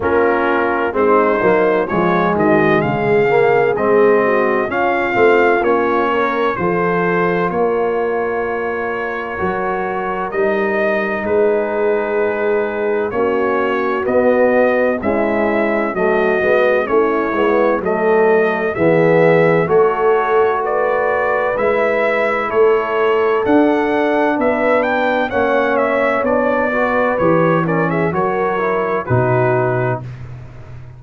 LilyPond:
<<
  \new Staff \with { instrumentName = "trumpet" } { \time 4/4 \tempo 4 = 64 ais'4 c''4 cis''8 dis''8 f''4 | dis''4 f''4 cis''4 c''4 | cis''2. dis''4 | b'2 cis''4 dis''4 |
e''4 dis''4 cis''4 dis''4 | e''4 cis''4 d''4 e''4 | cis''4 fis''4 e''8 g''8 fis''8 e''8 | d''4 cis''8 d''16 e''16 cis''4 b'4 | }
  \new Staff \with { instrumentName = "horn" } { \time 4/4 f'4 dis'4 f'8 fis'8 gis'4~ | gis'8 fis'8 f'4. ais'8 a'4 | ais'1 | gis'2 fis'2 |
e'4 fis'4 e'4 a'4 | gis'4 a'4 b'2 | a'2 b'4 cis''4~ | cis''8 b'4 ais'16 gis'16 ais'4 fis'4 | }
  \new Staff \with { instrumentName = "trombone" } { \time 4/4 cis'4 c'8 ais8 gis4. ais8 | c'4 cis'8 c'8 cis'4 f'4~ | f'2 fis'4 dis'4~ | dis'2 cis'4 b4 |
gis4 a8 b8 cis'8 b8 a4 | b4 fis'2 e'4~ | e'4 d'2 cis'4 | d'8 fis'8 g'8 cis'8 fis'8 e'8 dis'4 | }
  \new Staff \with { instrumentName = "tuba" } { \time 4/4 ais4 gis8 fis8 f8 dis8 cis4 | gis4 cis'8 a8 ais4 f4 | ais2 fis4 g4 | gis2 ais4 b4 |
cis'4 fis8 gis8 a8 gis8 fis4 | e4 a2 gis4 | a4 d'4 b4 ais4 | b4 e4 fis4 b,4 | }
>>